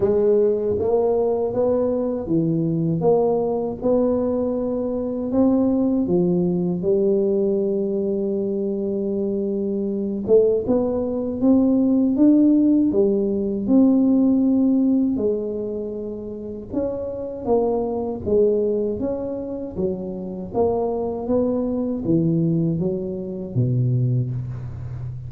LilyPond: \new Staff \with { instrumentName = "tuba" } { \time 4/4 \tempo 4 = 79 gis4 ais4 b4 e4 | ais4 b2 c'4 | f4 g2.~ | g4. a8 b4 c'4 |
d'4 g4 c'2 | gis2 cis'4 ais4 | gis4 cis'4 fis4 ais4 | b4 e4 fis4 b,4 | }